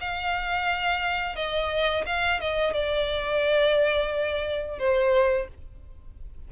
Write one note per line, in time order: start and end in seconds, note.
0.00 1.35 F5
1.35 2.04 D#5
2.06 2.40 F5
2.40 2.73 D#5
2.73 4.78 D5
4.78 5.47 C5